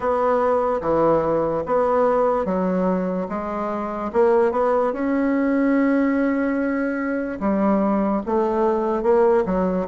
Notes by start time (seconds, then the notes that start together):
0.00 B3
0.81 E3
1.66 B3
2.45 F#3
3.28 G#3
4.12 A#3
4.51 B3
4.92 C#4
7.40 G3
8.26 A3
9.03 A#3
9.45 F#3